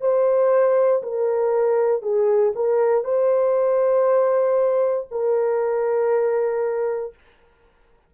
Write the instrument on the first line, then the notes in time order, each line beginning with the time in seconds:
horn
0.00 C5
1.03 A#4
2.02 G#4
2.55 A#4
3.04 C5
5.11 A#4